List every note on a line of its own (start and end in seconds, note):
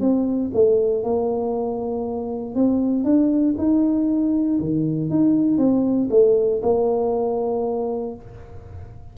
0.00 0.51 C4
0.53 1.03 A3
1.03 2.55 A#3
2.55 3.04 C4
3.04 3.55 D4
3.58 4.59 D#4
4.59 5.09 D#3
5.09 5.58 D#4
5.58 6.09 C4
6.10 6.61 A3
6.62 8.14 A#3